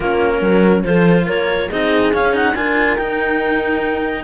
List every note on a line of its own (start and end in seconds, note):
0.00 0.41 A#3
0.00 0.84 C#4
0.00 0.39 F4
0.00 0.84 A#4
0.41 0.83 F#3
0.41 0.85 A#4
0.84 1.27 F3
0.84 1.69 F4
0.84 1.25 A4
0.84 1.26 C5
1.25 1.71 A#3
1.25 1.67 A#4
1.25 1.71 C#5
1.68 2.14 C4
1.68 2.13 D#4
1.68 2.53 G#4
1.68 2.13 D#5
2.13 2.32 C#4
2.13 2.55 C#4
2.13 2.35 F5
2.32 2.54 D#4
2.32 2.55 F#5
2.55 2.97 D4
2.55 2.98 F4
2.55 4.24 A#4
2.55 2.96 G#5
2.96 4.24 D#4
2.96 4.24 G5